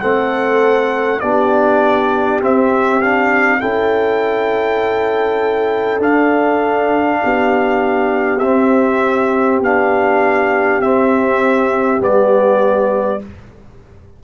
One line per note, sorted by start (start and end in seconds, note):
0.00 1.22 A3
0.00 1.21 C4
0.00 1.21 A4
0.00 1.19 F#5
1.19 2.41 B3
1.19 2.41 D4
1.19 3.60 G4
1.19 2.39 D5
2.41 3.01 C4
2.41 3.61 C4
2.41 3.01 E5
3.01 3.60 D4
3.01 3.60 F5
3.60 5.99 C#4
3.60 6.00 E4
3.60 7.20 A4
3.60 6.00 G5
5.99 7.19 D4
5.99 8.40 D4
5.99 8.39 F5
7.23 8.41 B3
7.23 13.23 G4
8.39 9.59 C4
8.39 9.63 C4
8.39 9.59 E5
9.59 10.79 B3
9.59 10.82 D4
9.59 10.81 F5
10.80 12.00 C4
10.80 11.99 C4
10.80 12.01 E5
11.99 13.20 G3
11.99 13.19 B3
11.99 13.22 D5